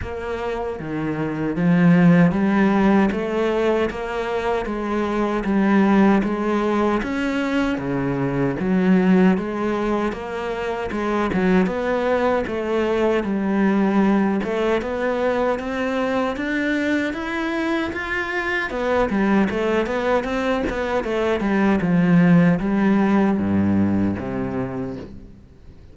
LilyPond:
\new Staff \with { instrumentName = "cello" } { \time 4/4 \tempo 4 = 77 ais4 dis4 f4 g4 | a4 ais4 gis4 g4 | gis4 cis'4 cis4 fis4 | gis4 ais4 gis8 fis8 b4 |
a4 g4. a8 b4 | c'4 d'4 e'4 f'4 | b8 g8 a8 b8 c'8 b8 a8 g8 | f4 g4 g,4 c4 | }